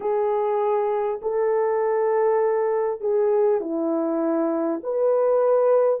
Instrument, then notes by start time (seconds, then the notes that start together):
horn
0.00 G#4
1.22 A4
3.00 G#4
3.61 E4
4.83 B4